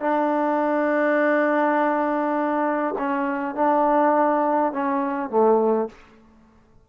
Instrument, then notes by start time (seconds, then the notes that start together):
trombone
0.00 D4
2.98 C#4
3.55 D4
4.72 C#4
5.30 A3